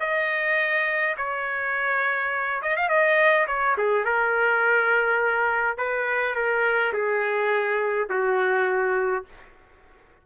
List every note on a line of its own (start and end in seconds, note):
0.00 1.15 D#5
1.17 2.61 C#5
2.62 2.76 D#5
2.76 2.89 F5
2.89 3.46 D#5
3.47 3.76 C#5
3.78 4.05 G#4
4.05 5.78 A#4
5.78 6.35 B4
6.35 6.93 A#4
6.93 8.08 G#4
8.10 9.25 F#4